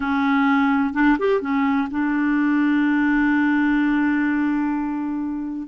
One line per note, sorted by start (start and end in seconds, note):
0.00 0.93 C#4
0.93 1.17 D4
1.18 1.41 G4
1.41 1.88 C#4
1.90 5.68 D4